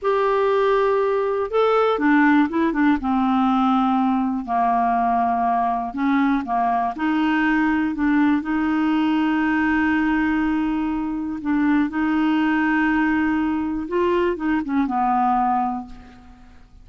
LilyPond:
\new Staff \with { instrumentName = "clarinet" } { \time 4/4 \tempo 4 = 121 g'2. a'4 | d'4 e'8 d'8 c'2~ | c'4 ais2. | cis'4 ais4 dis'2 |
d'4 dis'2.~ | dis'2. d'4 | dis'1 | f'4 dis'8 cis'8 b2 | }